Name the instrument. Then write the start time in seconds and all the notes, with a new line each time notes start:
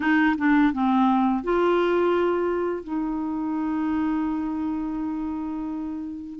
clarinet
0.00 D#4
0.37 D4
0.73 C4
1.43 F4
2.83 D#4